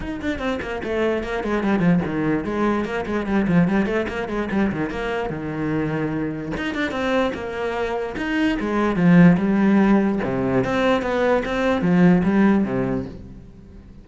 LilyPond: \new Staff \with { instrumentName = "cello" } { \time 4/4 \tempo 4 = 147 dis'8 d'8 c'8 ais8 a4 ais8 gis8 | g8 f8 dis4 gis4 ais8 gis8 | g8 f8 g8 a8 ais8 gis8 g8 dis8 | ais4 dis2. |
dis'8 d'8 c'4 ais2 | dis'4 gis4 f4 g4~ | g4 c4 c'4 b4 | c'4 f4 g4 c4 | }